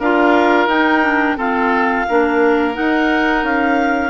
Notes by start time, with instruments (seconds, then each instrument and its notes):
0.00 bassoon D4, clarinet F4 F5, oboe A#4
0.67 bassoon D#4, clarinet D#4 G5
1.03 clarinet D4
1.37 clarinet C4 F5, bassoon F4, oboe A4
2.09 bassoon A#3, clarinet D4, oboe A#4
2.74 clarinet D#4 F#5, bassoon D#4
3.43 bassoon C#4, clarinet F5